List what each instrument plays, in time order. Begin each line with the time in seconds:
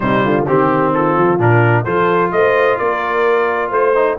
0.00 tuba C3, trombone G3, horn D#4, trumpet C5
0.24 tuba D3, horn F4
0.47 tuba D#3, trombone C4, trumpet G4, horn G4
0.93 horn F4, trumpet A4
1.16 tuba F3
1.38 tuba A#2, trombone D4, trumpet A#4
1.84 tuba F3, trombone F4, horn A4, trumpet C5
2.31 tuba A3, horn C5, trumpet D#5
2.78 tuba A#3, horn A#4, trumpet D5
3.69 tuba A3, horn C5, trumpet C5
3.94 trombone D#4